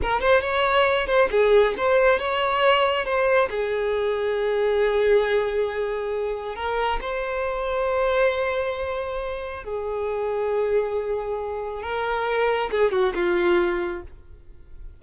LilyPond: \new Staff \with { instrumentName = "violin" } { \time 4/4 \tempo 4 = 137 ais'8 c''8 cis''4. c''8 gis'4 | c''4 cis''2 c''4 | gis'1~ | gis'2. ais'4 |
c''1~ | c''2 gis'2~ | gis'2. ais'4~ | ais'4 gis'8 fis'8 f'2 | }